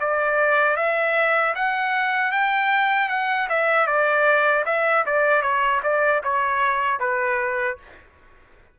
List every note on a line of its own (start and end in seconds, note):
0.00 0.77 D5
0.77 1.54 E5
1.55 2.32 F#5
2.32 3.09 G5
3.09 3.48 F#5
3.49 3.87 E5
3.87 4.65 D5
4.66 5.05 E5
5.06 5.42 D5
5.42 5.81 C#5
5.83 6.22 D5
6.24 7.00 C#5
7.00 7.78 B4